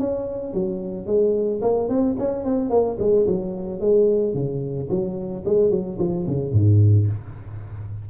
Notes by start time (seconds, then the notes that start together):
0.00 C#4
0.54 F#3
1.07 G#3
1.62 A#3
1.89 C4
2.19 C#4
2.45 C4
2.70 A#3
3.00 G#3
3.27 F#3
3.81 G#3
4.35 C#3
4.90 F#3
5.46 G#3
5.71 F#3
5.99 F3
6.28 C#3
6.53 G#2